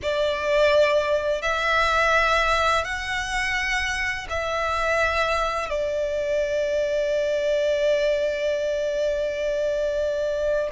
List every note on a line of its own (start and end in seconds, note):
0.02 1.42 D5
1.42 2.84 E5
2.84 4.27 F#5
4.29 5.69 E5
5.69 10.69 D5